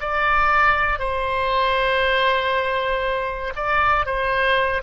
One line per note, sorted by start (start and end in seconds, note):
0.00 0.99 D5
0.99 3.53 C5
3.55 4.05 D5
4.05 4.82 C5